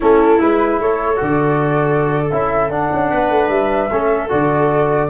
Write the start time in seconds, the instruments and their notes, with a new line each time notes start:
0.00 tuba A3, trombone C#4, viola E4, flute A4
0.39 tuba G#3, trombone E4, flute B4
0.80 tuba A3, viola A4, flute C#5
1.16 tuba D3, trombone F#4, flute D5
2.30 tuba C#4, trombone E4, flute E5
2.68 tuba D4, trombone D4, flute F#5
2.92 tuba C#4
3.11 tuba B3, viola B4
3.30 tuba A3
3.48 tuba G3, flute E5
3.90 tuba A3, trombone C#4, viola A4
4.29 tuba D3, trombone F#4, flute D5